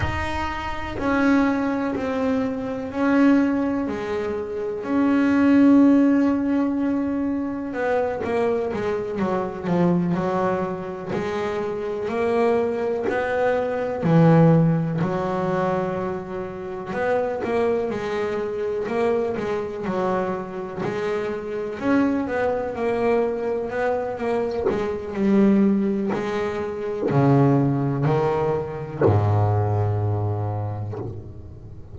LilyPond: \new Staff \with { instrumentName = "double bass" } { \time 4/4 \tempo 4 = 62 dis'4 cis'4 c'4 cis'4 | gis4 cis'2. | b8 ais8 gis8 fis8 f8 fis4 gis8~ | gis8 ais4 b4 e4 fis8~ |
fis4. b8 ais8 gis4 ais8 | gis8 fis4 gis4 cis'8 b8 ais8~ | ais8 b8 ais8 gis8 g4 gis4 | cis4 dis4 gis,2 | }